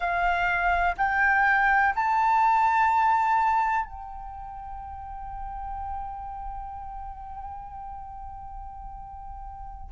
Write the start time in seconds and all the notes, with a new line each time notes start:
0.00 F5
0.97 G5
1.95 A5
3.85 G5